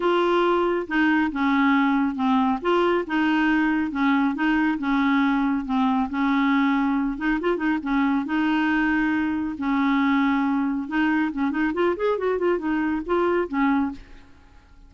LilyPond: \new Staff \with { instrumentName = "clarinet" } { \time 4/4 \tempo 4 = 138 f'2 dis'4 cis'4~ | cis'4 c'4 f'4 dis'4~ | dis'4 cis'4 dis'4 cis'4~ | cis'4 c'4 cis'2~ |
cis'8 dis'8 f'8 dis'8 cis'4 dis'4~ | dis'2 cis'2~ | cis'4 dis'4 cis'8 dis'8 f'8 gis'8 | fis'8 f'8 dis'4 f'4 cis'4 | }